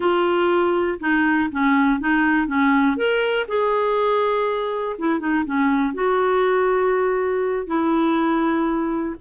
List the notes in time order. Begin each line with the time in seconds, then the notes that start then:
0.00 F4
1.00 D#4
1.51 C#4
2.00 D#4
2.47 C#4
2.97 A#4
3.47 G#4
4.98 E4
5.19 D#4
5.45 C#4
5.94 F#4
7.66 E4